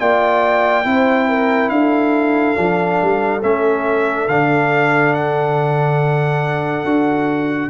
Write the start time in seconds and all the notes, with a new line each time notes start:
0.00 A#3 F4 D5 G5
0.85 C4 E4 C5
1.29 A#4
1.70 D4 A4 F5
2.56 F3 D4
3.03 G3
3.43 A3 C#4 E5
4.29 D3 D4 F5
5.14 F#5
6.85 D4 F#4